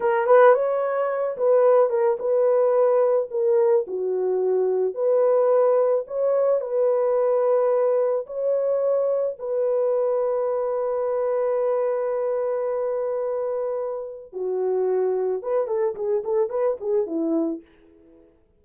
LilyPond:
\new Staff \with { instrumentName = "horn" } { \time 4/4 \tempo 4 = 109 ais'8 b'8 cis''4. b'4 ais'8 | b'2 ais'4 fis'4~ | fis'4 b'2 cis''4 | b'2. cis''4~ |
cis''4 b'2.~ | b'1~ | b'2 fis'2 | b'8 a'8 gis'8 a'8 b'8 gis'8 e'4 | }